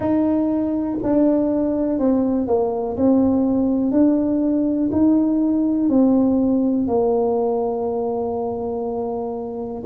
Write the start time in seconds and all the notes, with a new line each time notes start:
0.00 D#4
1.02 D4
1.99 C4
2.47 A#3
2.96 C4
3.91 D4
4.92 D#4
5.89 C4
6.87 A#3